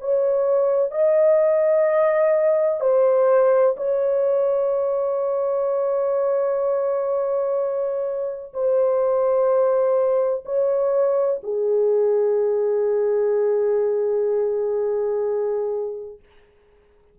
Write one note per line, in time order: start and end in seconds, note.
0.00 0.91 C#5
0.91 2.80 D#5
2.80 3.75 C5
3.76 8.52 C#5
8.53 10.44 C5
10.45 11.40 C#5
11.42 16.19 G#4